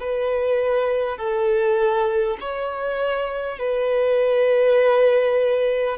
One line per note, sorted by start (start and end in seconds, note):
0.00 1.17 B4
1.17 2.37 A4
2.41 3.58 C#5
3.58 5.98 B4